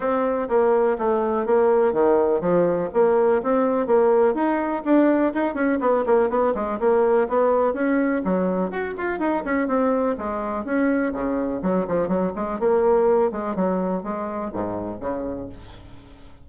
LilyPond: \new Staff \with { instrumentName = "bassoon" } { \time 4/4 \tempo 4 = 124 c'4 ais4 a4 ais4 | dis4 f4 ais4 c'4 | ais4 dis'4 d'4 dis'8 cis'8 | b8 ais8 b8 gis8 ais4 b4 |
cis'4 fis4 fis'8 f'8 dis'8 cis'8 | c'4 gis4 cis'4 cis4 | fis8 f8 fis8 gis8 ais4. gis8 | fis4 gis4 gis,4 cis4 | }